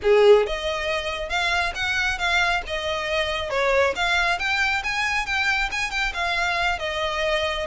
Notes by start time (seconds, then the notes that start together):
0.02 G#4
0.46 D#5
1.29 F5
1.75 F#5
2.18 F5
2.66 D#5
3.50 C#5
3.95 F5
4.39 G5
4.83 G#5
5.26 G5
5.71 G#5
5.90 G5
6.13 F5
6.78 D#5